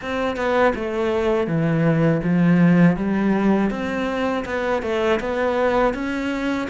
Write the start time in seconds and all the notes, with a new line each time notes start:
0.01 C4
0.36 B3
0.75 A3
1.47 E3
2.23 F3
2.96 G3
3.70 C4
4.45 B3
4.82 A3
5.20 B3
5.94 C#4